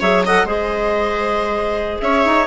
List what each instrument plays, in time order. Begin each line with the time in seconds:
0.00 bassoon F#3, clarinet G#4 E5, viola C#5
0.26 clarinet A4 F#5, viola D#5
0.44 bassoon G#3, clarinet G#4 D#5, viola C5
2.00 bassoon C#4, viola C#5, clarinet E5
2.25 bassoon D#4